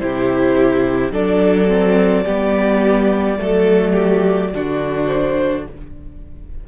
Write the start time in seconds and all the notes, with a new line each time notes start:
0.00 C3 E4 G4 C5
1.11 F#3 D4 A4 D5
1.68 C4
2.25 G3 B3 G4
3.38 F#3 A3 A4
3.93 G4
4.54 D3 D4 F#4
5.07 C5